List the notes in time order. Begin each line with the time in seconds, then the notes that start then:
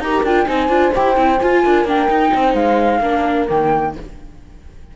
0.00 D#4 G4 A#4 A#5
0.24 D4 F4 G5
0.47 C4 D#4 C5 G#5
0.69 D4 F4
0.95 E4 G4 G5
1.15 C4 E4
1.41 F4 G#5
1.63 D4 A#4
1.85 A#3 D4 G5
2.09 D#4
2.33 C4 C5
2.54 G#3 F5
3.00 A#3 D4 A#4
3.49 D#3 A#3 G5